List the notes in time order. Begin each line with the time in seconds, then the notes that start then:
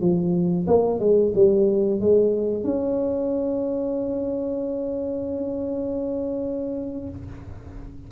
0.00 F3
0.67 A#3
0.99 G#3
1.34 G3
2.00 G#3
2.63 C#4